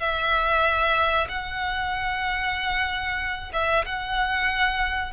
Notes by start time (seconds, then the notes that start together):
0.00 E5
1.29 F#5
3.53 E5
3.86 F#5